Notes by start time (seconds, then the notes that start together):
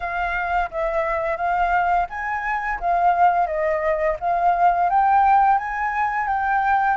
0.00 F5
0.70 E5
1.36 F5
2.09 G#5
2.80 F5
3.46 D#5
4.20 F5
4.89 G5
5.58 G#5
6.27 G5